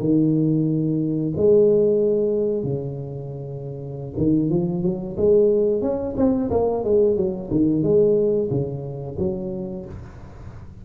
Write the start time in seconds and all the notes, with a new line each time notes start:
0.00 D#3
1.36 G#3
2.64 C#3
4.17 D#3
4.50 F3
4.83 F#3
5.17 G#3
5.82 C#4
6.17 C4
6.51 A#3
6.84 G#3
7.16 F#3
7.51 D#3
7.83 G#3
8.51 C#3
9.19 F#3